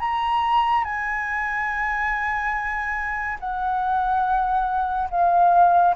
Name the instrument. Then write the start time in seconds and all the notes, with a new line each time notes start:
flute
0.00 A#5
0.85 G#5
3.40 F#5
5.10 F5